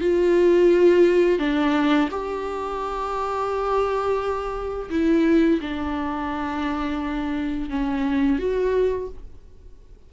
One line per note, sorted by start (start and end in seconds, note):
0.00 1.39 F4
1.39 2.08 D4
2.10 4.89 G4
4.90 5.59 E4
5.60 7.69 D4
7.69 8.38 C#4
8.38 9.08 F#4